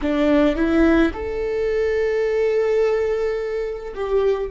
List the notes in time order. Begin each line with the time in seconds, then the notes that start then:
0.01 D4
0.55 E4
1.13 A4
3.94 G4